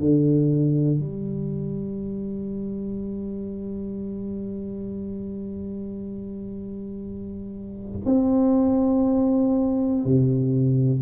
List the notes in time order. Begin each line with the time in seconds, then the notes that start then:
0.00 D3
1.00 G3
8.05 C4
10.05 C3